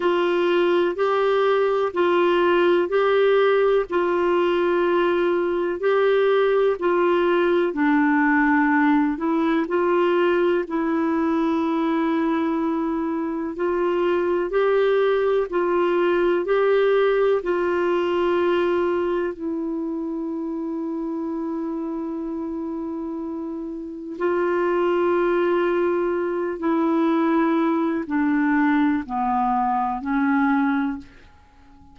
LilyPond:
\new Staff \with { instrumentName = "clarinet" } { \time 4/4 \tempo 4 = 62 f'4 g'4 f'4 g'4 | f'2 g'4 f'4 | d'4. e'8 f'4 e'4~ | e'2 f'4 g'4 |
f'4 g'4 f'2 | e'1~ | e'4 f'2~ f'8 e'8~ | e'4 d'4 b4 cis'4 | }